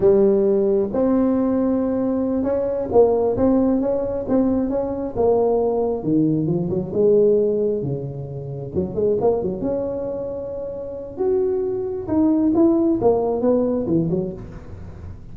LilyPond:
\new Staff \with { instrumentName = "tuba" } { \time 4/4 \tempo 4 = 134 g2 c'2~ | c'4. cis'4 ais4 c'8~ | c'8 cis'4 c'4 cis'4 ais8~ | ais4. dis4 f8 fis8 gis8~ |
gis4. cis2 fis8 | gis8 ais8 fis8 cis'2~ cis'8~ | cis'4 fis'2 dis'4 | e'4 ais4 b4 e8 fis8 | }